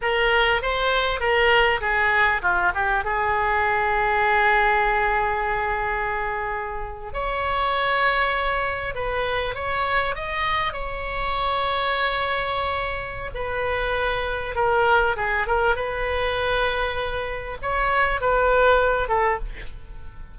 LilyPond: \new Staff \with { instrumentName = "oboe" } { \time 4/4 \tempo 4 = 99 ais'4 c''4 ais'4 gis'4 | f'8 g'8 gis'2.~ | gis'2.~ gis'8. cis''16~ | cis''2~ cis''8. b'4 cis''16~ |
cis''8. dis''4 cis''2~ cis''16~ | cis''2 b'2 | ais'4 gis'8 ais'8 b'2~ | b'4 cis''4 b'4. a'8 | }